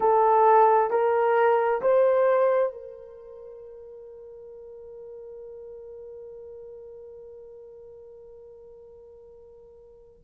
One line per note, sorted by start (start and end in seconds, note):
0.00 0.90 A4
0.90 1.81 A#4
1.81 2.72 C5
2.72 10.22 A#4